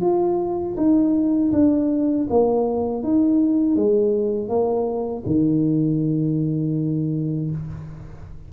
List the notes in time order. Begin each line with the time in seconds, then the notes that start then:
0.00 F4
0.76 D#4
1.52 D4
2.30 A#3
3.03 D#4
3.75 G#3
4.48 A#3
5.25 D#3